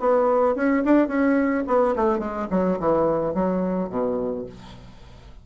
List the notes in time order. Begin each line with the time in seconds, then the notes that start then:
0.00 B3
0.56 C#4
0.85 D4
1.08 C#4
1.67 B3
1.96 A3
2.19 G#3
2.51 F#3
2.80 E3
3.34 F#3
3.90 B2